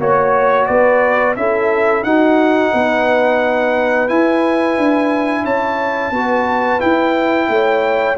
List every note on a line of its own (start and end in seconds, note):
0.00 0.68 A#3
0.00 1.36 F#4
0.00 0.67 C#5
0.00 0.68 C#5
0.67 1.37 B3
0.67 1.36 B4
0.67 1.35 D5
1.37 2.03 C#4
1.37 2.05 E4
1.37 2.06 A4
1.37 2.04 E5
2.03 2.71 D#4
2.03 4.09 D#4
2.03 2.74 F#4
2.03 4.09 F#5
2.74 4.10 B3
2.74 5.44 B4
4.09 6.14 E4
4.09 4.78 E4
4.09 5.45 G#5
4.78 5.45 D4
5.44 6.12 C#4
5.44 6.12 C#5
5.44 6.81 A5
6.12 6.80 B3
6.12 6.80 F#4
6.12 7.49 B4
6.80 8.16 E4
6.80 7.49 E4
6.80 8.17 G5
7.49 8.17 A3
7.49 8.18 C#5